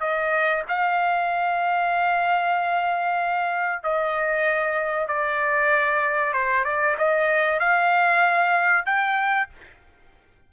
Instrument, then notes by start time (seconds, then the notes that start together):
trumpet
0.00 D#5
0.68 F5
3.83 D#5
5.07 D5
6.33 C5
6.65 D5
6.98 D#5
7.59 F5
8.86 G5